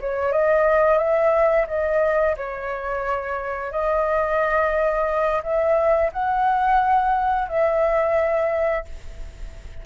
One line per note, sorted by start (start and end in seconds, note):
0.00 0.32 C#5
0.32 0.98 D#5
0.98 1.66 E5
1.67 2.35 D#5
2.36 3.71 C#5
3.71 5.42 D#5
5.43 6.11 E5
6.12 7.48 F#5
7.48 8.84 E5